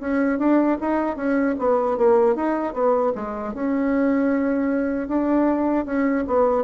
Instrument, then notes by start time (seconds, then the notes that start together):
bassoon
0.00 C#4
0.38 D4
0.80 D#4
1.16 C#4
1.58 B3
1.97 A#3
2.35 D#4
2.73 B3
3.15 G#3
3.53 C#4
5.07 D4
5.85 C#4
6.27 B3